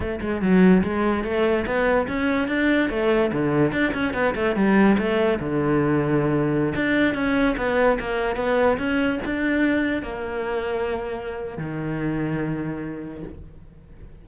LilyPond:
\new Staff \with { instrumentName = "cello" } { \time 4/4 \tempo 4 = 145 a8 gis8 fis4 gis4 a4 | b4 cis'4 d'4 a4 | d4 d'8 cis'8 b8 a8 g4 | a4 d2.~ |
d16 d'4 cis'4 b4 ais8.~ | ais16 b4 cis'4 d'4.~ d'16~ | d'16 ais2.~ ais8. | dis1 | }